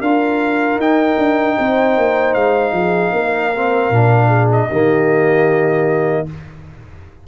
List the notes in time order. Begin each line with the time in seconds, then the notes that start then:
0.00 D4 F4 A#4 F5
0.76 D#4 G5
1.18 D4
1.56 C4 C5
1.97 A#3
2.34 G#3 F5
2.72 F3 G#4
3.12 A#3 A#4
3.54 C4
3.90 A#2 D4
4.28 G#4
4.52 D#5
4.68 D#3 A#3 G4